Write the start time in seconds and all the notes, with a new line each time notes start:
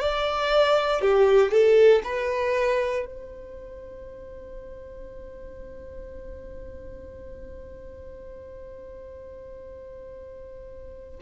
0.00 D5
1.02 G4
1.51 A4
2.04 B4
3.06 C5